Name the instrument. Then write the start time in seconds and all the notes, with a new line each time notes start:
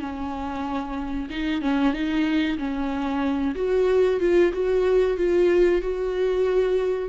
viola
0.00 C#4
1.30 D#4
1.62 C#4
1.93 D#4
2.58 C#4
3.55 F#4
4.20 F4
4.53 F#4
5.17 F4
5.82 F#4